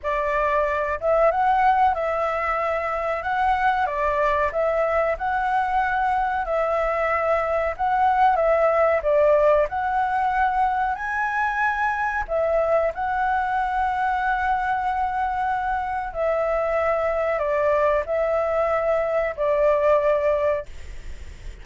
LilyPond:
\new Staff \with { instrumentName = "flute" } { \time 4/4 \tempo 4 = 93 d''4. e''8 fis''4 e''4~ | e''4 fis''4 d''4 e''4 | fis''2 e''2 | fis''4 e''4 d''4 fis''4~ |
fis''4 gis''2 e''4 | fis''1~ | fis''4 e''2 d''4 | e''2 d''2 | }